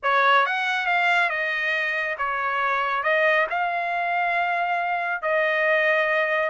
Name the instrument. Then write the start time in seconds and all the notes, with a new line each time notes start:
trumpet
0.02 C#5
0.46 F#5
0.86 F5
1.29 D#5
2.18 C#5
3.03 D#5
3.50 F5
5.22 D#5